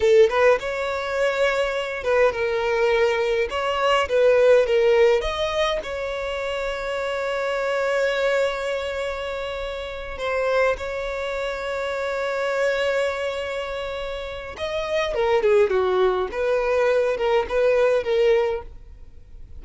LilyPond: \new Staff \with { instrumentName = "violin" } { \time 4/4 \tempo 4 = 103 a'8 b'8 cis''2~ cis''8 b'8 | ais'2 cis''4 b'4 | ais'4 dis''4 cis''2~ | cis''1~ |
cis''4. c''4 cis''4.~ | cis''1~ | cis''4 dis''4 ais'8 gis'8 fis'4 | b'4. ais'8 b'4 ais'4 | }